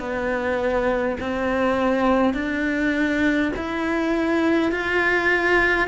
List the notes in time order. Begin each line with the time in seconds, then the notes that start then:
0.00 B3
1.20 C4
2.34 D4
3.56 E4
4.72 F4